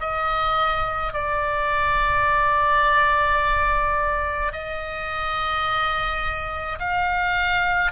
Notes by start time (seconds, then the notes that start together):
0.00 D#5
1.13 D5
4.53 D#5
6.79 F5